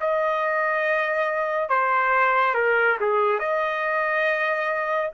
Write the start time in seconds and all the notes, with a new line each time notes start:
0.00 D#5
1.69 C5
2.54 A#4
3.00 G#4
3.39 D#5